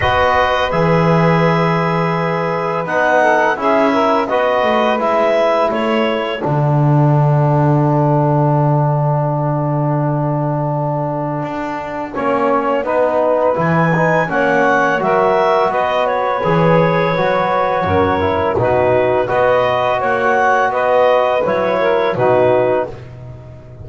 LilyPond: <<
  \new Staff \with { instrumentName = "clarinet" } { \time 4/4 \tempo 4 = 84 dis''4 e''2. | fis''4 e''4 dis''4 e''4 | cis''4 fis''2.~ | fis''1~ |
fis''2. gis''4 | fis''4 e''4 dis''8 cis''4.~ | cis''2 b'4 dis''4 | fis''4 dis''4 cis''4 b'4 | }
  \new Staff \with { instrumentName = "saxophone" } { \time 4/4 b'1~ | b'8 a'8 gis'8 ais'8 b'2 | a'1~ | a'1~ |
a'4 cis''4 b'2 | cis''4 ais'4 b'2~ | b'4 ais'4 fis'4 b'4 | cis''4 b'4. ais'8 fis'4 | }
  \new Staff \with { instrumentName = "trombone" } { \time 4/4 fis'4 gis'2. | dis'4 e'4 fis'4 e'4~ | e'4 d'2.~ | d'1~ |
d'4 cis'4 dis'4 e'8 dis'8 | cis'4 fis'2 gis'4 | fis'4. e'8 dis'4 fis'4~ | fis'2 e'4 dis'4 | }
  \new Staff \with { instrumentName = "double bass" } { \time 4/4 b4 e2. | b4 cis'4 b8 a8 gis4 | a4 d2.~ | d1 |
d'4 ais4 b4 e4 | ais4 fis4 b4 e4 | fis4 fis,4 b,4 b4 | ais4 b4 fis4 b,4 | }
>>